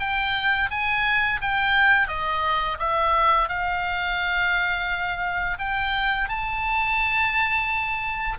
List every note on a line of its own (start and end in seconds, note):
0.00 0.70 G5
0.71 1.40 G#5
1.41 2.08 G5
2.08 2.78 D#5
2.79 3.49 E5
3.49 5.58 F5
5.59 6.29 G5
6.29 8.38 A5